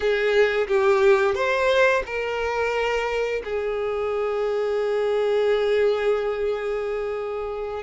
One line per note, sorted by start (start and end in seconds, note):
0.00 0.67 G#4
0.67 1.34 G4
1.34 2.02 C5
2.06 3.42 A#4
3.44 7.83 G#4